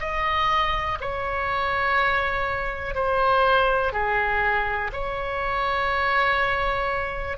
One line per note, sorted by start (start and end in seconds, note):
0.00 0.98 D#5
1.01 2.95 C#5
2.95 3.93 C5
3.93 4.91 G#4
4.93 7.38 C#5